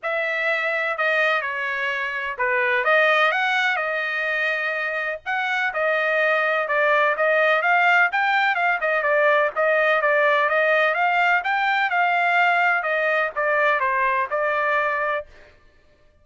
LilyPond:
\new Staff \with { instrumentName = "trumpet" } { \time 4/4 \tempo 4 = 126 e''2 dis''4 cis''4~ | cis''4 b'4 dis''4 fis''4 | dis''2. fis''4 | dis''2 d''4 dis''4 |
f''4 g''4 f''8 dis''8 d''4 | dis''4 d''4 dis''4 f''4 | g''4 f''2 dis''4 | d''4 c''4 d''2 | }